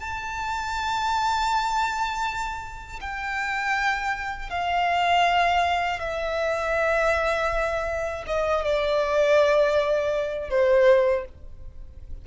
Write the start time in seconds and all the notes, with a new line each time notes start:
0.00 A5
3.01 G5
4.50 F5
6.00 E5
8.27 D#5
8.65 D5
10.50 C5